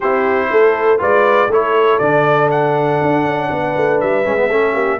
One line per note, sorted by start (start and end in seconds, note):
0.00 0.51 C4
0.00 0.98 E4
0.00 0.48 G4
0.00 1.00 C5
0.50 1.01 A3
0.50 0.99 A4
0.98 1.48 G#3
0.98 1.48 F4
0.98 1.49 B4
0.98 1.51 D5
1.48 1.98 A3
1.48 2.01 E4
1.48 3.49 A4
1.48 1.98 C#5
1.98 3.00 D3
1.98 4.24 D4
1.98 2.48 D5
2.51 4.00 F#5
3.01 3.24 D4
3.24 3.49 C#4
3.50 3.75 B3
3.50 4.48 B4
3.76 4.01 A3
4.00 4.26 G3
4.00 4.99 E5
4.24 4.49 G#3
4.24 4.36 C#4
4.36 4.49 B3
4.48 4.74 A3
4.48 4.99 C#4
4.48 4.73 A4
4.73 4.99 A#3
4.73 4.98 G4